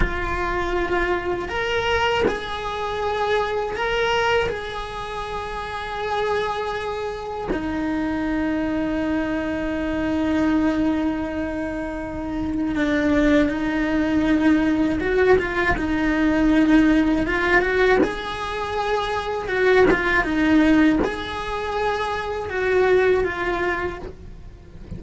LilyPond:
\new Staff \with { instrumentName = "cello" } { \time 4/4 \tempo 4 = 80 f'2 ais'4 gis'4~ | gis'4 ais'4 gis'2~ | gis'2 dis'2~ | dis'1~ |
dis'4 d'4 dis'2 | fis'8 f'8 dis'2 f'8 fis'8 | gis'2 fis'8 f'8 dis'4 | gis'2 fis'4 f'4 | }